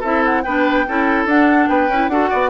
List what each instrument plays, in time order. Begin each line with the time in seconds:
0.00 bassoon C4, clarinet E4, oboe A4, flute E5
0.25 flute F#5
0.42 bassoon B3, clarinet D4, oboe B4, flute G5
0.88 bassoon C#4, clarinet E4, oboe A4
1.26 bassoon D4, clarinet D4, flute F#5
1.68 bassoon B3, oboe B4, flute G5
1.89 bassoon C#4, clarinet E4
2.08 bassoon D4, clarinet F#4, oboe A4, flute F#5
2.29 bassoon B3, oboe D5